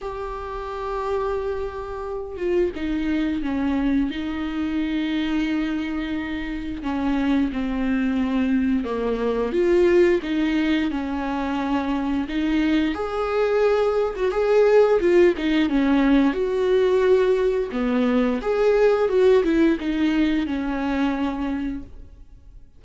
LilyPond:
\new Staff \with { instrumentName = "viola" } { \time 4/4 \tempo 4 = 88 g'2.~ g'8 f'8 | dis'4 cis'4 dis'2~ | dis'2 cis'4 c'4~ | c'4 ais4 f'4 dis'4 |
cis'2 dis'4 gis'4~ | gis'8. fis'16 gis'4 f'8 dis'8 cis'4 | fis'2 b4 gis'4 | fis'8 e'8 dis'4 cis'2 | }